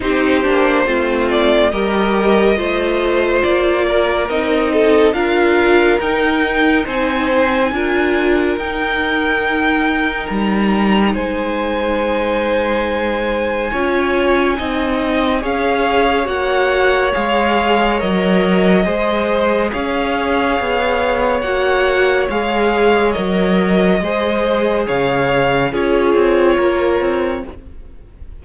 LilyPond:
<<
  \new Staff \with { instrumentName = "violin" } { \time 4/4 \tempo 4 = 70 c''4. d''8 dis''2 | d''4 dis''4 f''4 g''4 | gis''2 g''2 | ais''4 gis''2.~ |
gis''2 f''4 fis''4 | f''4 dis''2 f''4~ | f''4 fis''4 f''4 dis''4~ | dis''4 f''4 cis''2 | }
  \new Staff \with { instrumentName = "violin" } { \time 4/4 g'4 f'4 ais'4 c''4~ | c''8 ais'4 a'8 ais'2 | c''4 ais'2.~ | ais'4 c''2. |
cis''4 dis''4 cis''2~ | cis''2 c''4 cis''4~ | cis''1 | c''4 cis''4 gis'4 ais'4 | }
  \new Staff \with { instrumentName = "viola" } { \time 4/4 dis'8 d'8 c'4 g'4 f'4~ | f'4 dis'4 f'4 dis'4~ | dis'4 f'4 dis'2~ | dis'1 |
f'4 dis'4 gis'4 fis'4 | gis'4 ais'4 gis'2~ | gis'4 fis'4 gis'4 ais'4 | gis'2 f'2 | }
  \new Staff \with { instrumentName = "cello" } { \time 4/4 c'8 ais8 a4 g4 a4 | ais4 c'4 d'4 dis'4 | c'4 d'4 dis'2 | g4 gis2. |
cis'4 c'4 cis'4 ais4 | gis4 fis4 gis4 cis'4 | b4 ais4 gis4 fis4 | gis4 cis4 cis'8 c'8 ais8 c'8 | }
>>